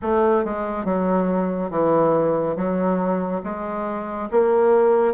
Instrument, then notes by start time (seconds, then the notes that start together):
bassoon
0.02 A3
0.44 G#3
0.84 F#3
1.70 E3
2.56 F#3
3.43 G#3
4.31 A#3